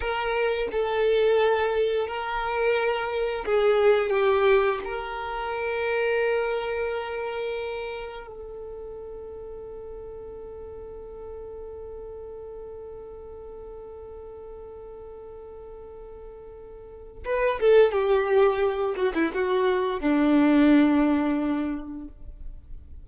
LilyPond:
\new Staff \with { instrumentName = "violin" } { \time 4/4 \tempo 4 = 87 ais'4 a'2 ais'4~ | ais'4 gis'4 g'4 ais'4~ | ais'1 | a'1~ |
a'1~ | a'1~ | a'4 b'8 a'8 g'4. fis'16 e'16 | fis'4 d'2. | }